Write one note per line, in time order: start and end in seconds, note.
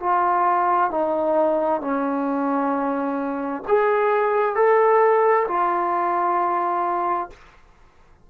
0.00 0.91 F4
0.91 1.81 D#4
1.81 3.63 C#4
3.68 4.56 G#4
4.56 5.47 A4
5.48 7.30 F4